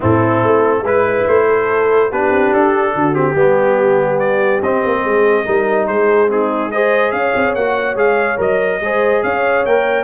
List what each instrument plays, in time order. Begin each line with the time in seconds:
0.00 tuba A2, trombone C4, horn E4, trumpet A4
0.42 tuba A3
0.81 tuba G#3, trombone E4, horn B4, trumpet B4
1.27 tuba A3, trumpet C5
1.47 horn A4
2.09 tuba B3, trombone D4, horn G4, trumpet B4
2.30 tuba C4
2.53 tuba D4, trumpet A4
2.95 tuba D3, horn F#4
3.13 trombone C4, trumpet G4
3.32 tuba G3, trombone B3, horn G4
4.19 trumpet D5
4.62 tuba C4, trombone C4, trumpet D#5
4.84 tuba A#3
5.04 tuba G#3, horn G#4
5.45 tuba G3, trombone D#4, horn A#4
5.87 tuba G#3, horn G#4, trumpet C5
6.28 trombone C4, horn D#4, trumpet G#4
6.71 trombone G#4, horn C5, trumpet D#5
7.11 tuba C#4, horn C#5, trumpet F5
7.35 tuba C4
7.54 tuba A#3, trombone F#4, trumpet F#5
7.95 tuba G#3, trombone G#4, trumpet F5
8.37 tuba F#3, trombone A#4, trumpet D#5
8.80 tuba G#3, trombone G#4, horn C5
9.23 tuba C#4, horn C#5, trumpet F5
9.65 tuba A#3, trombone A#4, trumpet G5